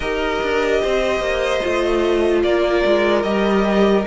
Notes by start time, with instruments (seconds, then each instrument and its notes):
0.00 cello D#4, viola G4, violin A#4 D#5
0.42 cello D4
0.81 cello C4, violin C5
1.20 cello A#3
1.61 cello A3, viola F4
2.43 cello A#3, violin A#4 D5
2.85 cello G#3
3.22 cello G3, viola G4, violin D#5